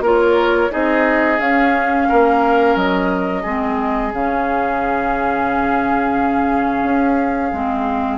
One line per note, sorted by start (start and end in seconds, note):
0.00 0.68 A#3
0.00 0.70 F4
0.00 0.71 A#4
0.00 0.72 C#5
0.70 1.39 C4
0.70 1.38 D#4
0.70 2.08 G#4
0.70 1.40 D#5
1.39 2.07 C#4
1.39 3.45 C#4
1.39 2.76 F5
2.09 2.75 A#3
2.09 3.42 A#4
2.75 3.43 F#3
2.75 4.12 D#5
3.42 4.12 G#3
3.42 4.12 C4
3.42 8.18 G#4
4.12 6.83 C#3
4.12 7.53 C#4
4.12 8.18 F5
6.83 7.51 C#4
7.52 8.18 G#3
7.52 8.18 C4